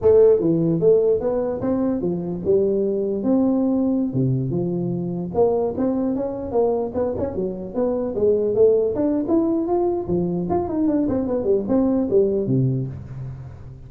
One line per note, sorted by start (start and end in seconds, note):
0.01 0.40 A3
0.40 0.80 E3
0.80 1.20 A3
1.20 1.60 B3
1.61 2.01 C4
2.01 2.41 F3
2.44 3.23 G3
3.23 4.13 C4
4.13 4.50 C3
4.50 5.30 F3
5.34 5.74 A#3
5.77 6.15 C4
6.15 6.51 C#4
6.51 6.92 A#3
6.94 7.14 B3
7.18 7.35 C#4
7.35 7.74 F#3
7.74 8.14 B3
8.15 8.54 G#3
8.54 8.95 A3
8.95 9.25 D4
9.28 9.67 E4
9.67 10.07 F4
10.07 10.47 F3
10.49 10.68 F4
10.68 10.87 D#4
10.87 11.07 D4
11.08 11.27 C4
11.27 11.44 B3
11.44 11.64 G3
11.68 12.08 C4
12.10 12.46 G3
12.46 12.87 C3